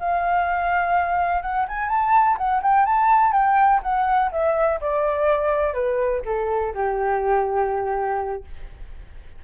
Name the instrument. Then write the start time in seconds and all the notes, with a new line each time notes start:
flute
0.00 F5
1.42 F#5
1.68 G#5
1.89 A5
2.38 F#5
2.63 G5
2.86 A5
3.33 G5
3.83 F#5
4.32 E5
4.81 D5
5.74 B4
6.26 A4
6.75 G4